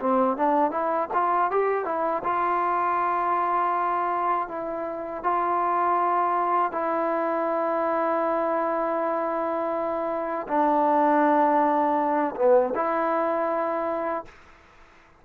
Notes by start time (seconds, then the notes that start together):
0.00 C4
0.37 D4
0.71 E4
1.14 F4
1.51 G4
1.85 E4
2.24 F4
4.49 E4
5.24 F4
6.72 E4
10.48 D4
12.36 B3
12.75 E4